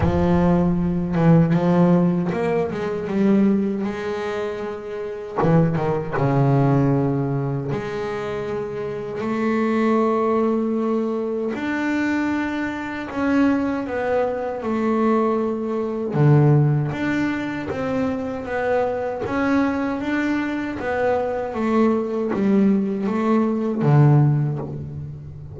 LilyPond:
\new Staff \with { instrumentName = "double bass" } { \time 4/4 \tempo 4 = 78 f4. e8 f4 ais8 gis8 | g4 gis2 e8 dis8 | cis2 gis2 | a2. d'4~ |
d'4 cis'4 b4 a4~ | a4 d4 d'4 c'4 | b4 cis'4 d'4 b4 | a4 g4 a4 d4 | }